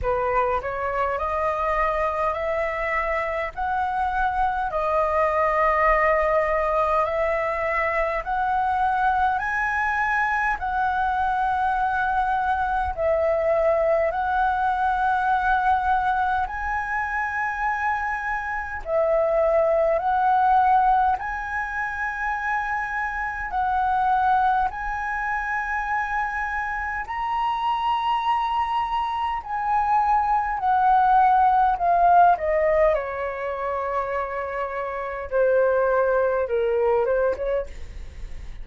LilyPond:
\new Staff \with { instrumentName = "flute" } { \time 4/4 \tempo 4 = 51 b'8 cis''8 dis''4 e''4 fis''4 | dis''2 e''4 fis''4 | gis''4 fis''2 e''4 | fis''2 gis''2 |
e''4 fis''4 gis''2 | fis''4 gis''2 ais''4~ | ais''4 gis''4 fis''4 f''8 dis''8 | cis''2 c''4 ais'8 c''16 cis''16 | }